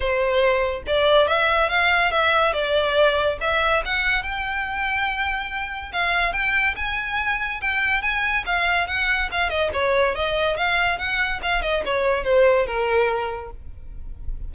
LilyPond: \new Staff \with { instrumentName = "violin" } { \time 4/4 \tempo 4 = 142 c''2 d''4 e''4 | f''4 e''4 d''2 | e''4 fis''4 g''2~ | g''2 f''4 g''4 |
gis''2 g''4 gis''4 | f''4 fis''4 f''8 dis''8 cis''4 | dis''4 f''4 fis''4 f''8 dis''8 | cis''4 c''4 ais'2 | }